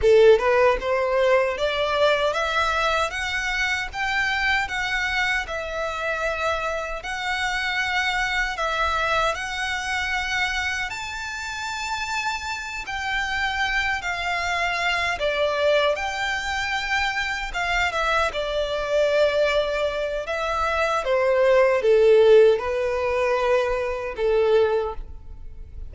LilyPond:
\new Staff \with { instrumentName = "violin" } { \time 4/4 \tempo 4 = 77 a'8 b'8 c''4 d''4 e''4 | fis''4 g''4 fis''4 e''4~ | e''4 fis''2 e''4 | fis''2 a''2~ |
a''8 g''4. f''4. d''8~ | d''8 g''2 f''8 e''8 d''8~ | d''2 e''4 c''4 | a'4 b'2 a'4 | }